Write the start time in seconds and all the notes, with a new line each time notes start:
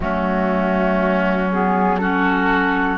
0.00 F#3 A3 C#4 F#4
1.52 B3 G#4
1.97 C#4 F#4 A4